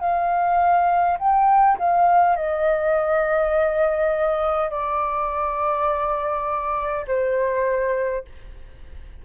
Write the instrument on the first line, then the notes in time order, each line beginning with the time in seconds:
flute
0.00 F5
1.19 G5
1.79 F5
2.36 D#5
4.71 D5
7.07 C5